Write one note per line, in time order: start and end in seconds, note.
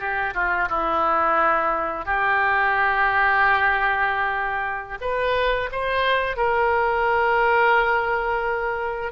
0.00 0.34 G4
0.35 0.69 F4
0.70 2.06 E4
2.06 4.99 G4
5.02 5.71 B4
5.72 6.37 C5
6.37 9.13 A#4